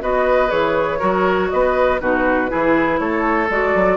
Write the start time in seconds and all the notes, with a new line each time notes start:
0.00 B3 F#4 B4 D#5
0.48 E3 G#4 C#5
0.99 F#3 F#4 A#4
1.49 B3 B4 D#5
2.00 B2 D#4 F#4 B4
2.48 E3 E4 G#4
2.98 A3 A4 C#5
3.49 G#3 F#4 D5
3.74 F#3